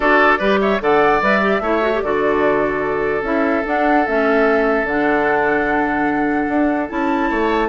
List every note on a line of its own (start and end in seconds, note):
0.00 0.39 D4
0.00 0.40 F#4
0.00 0.38 A4
0.00 0.60 D5
0.38 0.80 G3
0.38 0.80 G4
0.38 0.59 B4
0.60 0.81 C#5
0.60 0.80 E5
0.80 1.21 D3
0.80 1.21 A4
0.80 1.62 D5
0.80 1.22 F#5
1.21 1.60 G3
1.21 1.41 B4
1.21 2.01 E5
1.41 1.61 G4
1.60 2.00 A3
1.60 1.81 E4
1.60 2.03 C#5
1.81 1.91 F#4
1.94 2.04 G4
2.01 3.22 D3
2.01 3.23 F#4
2.01 7.30 A4
2.01 3.22 D5
3.22 3.62 C#4
3.22 3.63 E4
3.22 3.65 E5
3.65 4.05 D4
3.65 4.06 D4
3.65 4.06 F#5
4.06 4.83 A3
4.06 4.87 C#4
4.06 4.87 E5
4.83 6.45 D3
4.83 6.88 D4
4.83 6.89 F#5
6.48 6.89 D4
6.88 7.30 C#4
6.88 7.68 E4
6.88 7.68 A5
7.30 7.68 A3
7.30 7.68 C#5